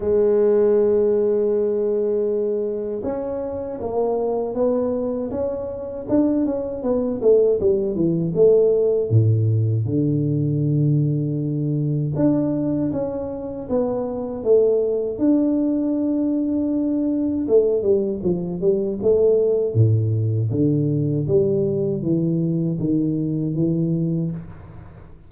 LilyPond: \new Staff \with { instrumentName = "tuba" } { \time 4/4 \tempo 4 = 79 gis1 | cis'4 ais4 b4 cis'4 | d'8 cis'8 b8 a8 g8 e8 a4 | a,4 d2. |
d'4 cis'4 b4 a4 | d'2. a8 g8 | f8 g8 a4 a,4 d4 | g4 e4 dis4 e4 | }